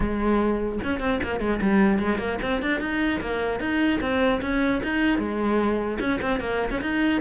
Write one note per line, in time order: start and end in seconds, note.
0.00 0.79 G#3
0.83 1.00 C#4
1.00 1.20 C4
1.23 1.40 A#3
1.40 1.60 G#3
1.61 1.99 G3
1.99 2.18 G#3
2.18 2.38 A#3
2.42 2.61 C4
2.61 2.80 D4
2.80 3.20 D#4
3.21 3.60 A#3
3.60 4.00 D#4
4.01 4.41 C4
4.41 4.81 C#4
4.83 5.18 D#4
5.18 5.98 G#3
5.99 6.19 C#4
6.21 6.40 C4
6.40 6.70 A#3
6.71 6.81 C#4
6.81 7.21 D#4